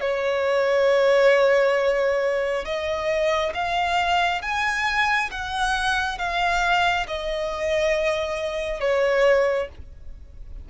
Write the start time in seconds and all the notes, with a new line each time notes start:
0.00 C#5
2.65 D#5
3.54 F5
4.42 G#5
5.31 F#5
6.18 F5
7.07 D#5
8.80 C#5